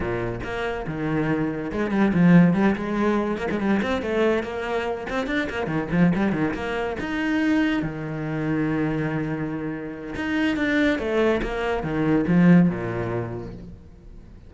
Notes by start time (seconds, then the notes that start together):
0.00 A#2
0.43 A#3
0.87 D#3
1.72 G#3
1.91 G3
2.13 F3
2.54 G3
2.75 G#3
3.37 A#3
3.51 G#3
3.59 G3
3.82 C4
4.01 A3
4.43 A#3
5.09 C4
5.27 D4
5.49 A#3
5.66 D#3
5.91 F3
6.15 G3
6.32 D#3
6.54 A#3
6.99 D#4
7.82 D#3
10.15 D#4
10.56 D4
10.99 A3
11.42 A#3
11.83 D#3
12.27 F3
12.69 A#2